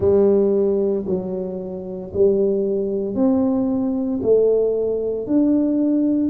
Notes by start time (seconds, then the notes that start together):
0.00 G3
1.06 F#3
2.13 G3
3.14 C4
4.22 A3
5.26 D4